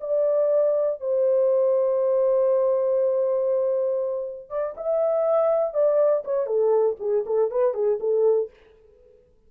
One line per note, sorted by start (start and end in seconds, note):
0.00 1.00 D5
1.00 4.49 C5
4.49 4.74 D5
4.76 5.73 E5
5.73 6.23 D5
6.24 6.46 C#5
6.46 6.96 A4
6.99 7.24 G#4
7.25 7.50 A4
7.50 7.73 B4
7.73 7.98 G#4
8.00 8.50 A4